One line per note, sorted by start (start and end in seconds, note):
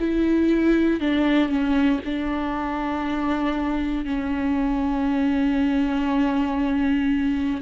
0.00 1.00 E4
1.00 1.49 D4
1.49 2.00 C#4
2.05 4.05 D4
4.05 7.61 C#4